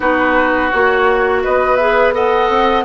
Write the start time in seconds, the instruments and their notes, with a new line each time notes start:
0.00 bassoon B3, clarinet D#4, oboe F#4, flute B4
0.70 bassoon A#3, clarinet F#4, flute C#5
1.43 bassoon B3, oboe B4, flute D#5
1.75 clarinet G#4, flute E5
2.13 clarinet A4, oboe D#5, flute F#5
2.49 bassoon C4